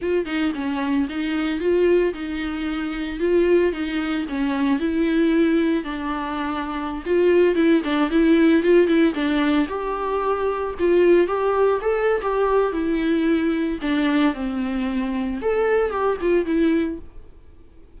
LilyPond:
\new Staff \with { instrumentName = "viola" } { \time 4/4 \tempo 4 = 113 f'8 dis'8 cis'4 dis'4 f'4 | dis'2 f'4 dis'4 | cis'4 e'2 d'4~ | d'4~ d'16 f'4 e'8 d'8 e'8.~ |
e'16 f'8 e'8 d'4 g'4.~ g'16~ | g'16 f'4 g'4 a'8. g'4 | e'2 d'4 c'4~ | c'4 a'4 g'8 f'8 e'4 | }